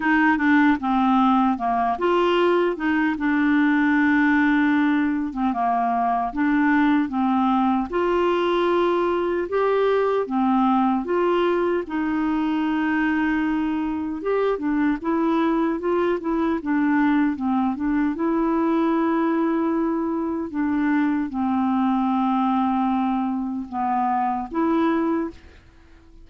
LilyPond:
\new Staff \with { instrumentName = "clarinet" } { \time 4/4 \tempo 4 = 76 dis'8 d'8 c'4 ais8 f'4 dis'8 | d'2~ d'8. c'16 ais4 | d'4 c'4 f'2 | g'4 c'4 f'4 dis'4~ |
dis'2 g'8 d'8 e'4 | f'8 e'8 d'4 c'8 d'8 e'4~ | e'2 d'4 c'4~ | c'2 b4 e'4 | }